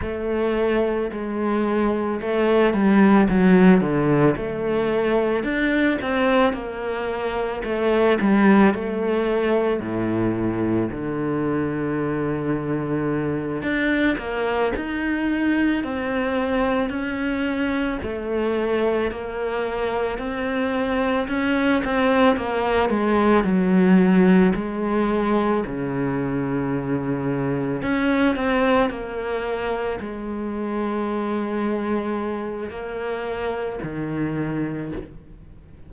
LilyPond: \new Staff \with { instrumentName = "cello" } { \time 4/4 \tempo 4 = 55 a4 gis4 a8 g8 fis8 d8 | a4 d'8 c'8 ais4 a8 g8 | a4 a,4 d2~ | d8 d'8 ais8 dis'4 c'4 cis'8~ |
cis'8 a4 ais4 c'4 cis'8 | c'8 ais8 gis8 fis4 gis4 cis8~ | cis4. cis'8 c'8 ais4 gis8~ | gis2 ais4 dis4 | }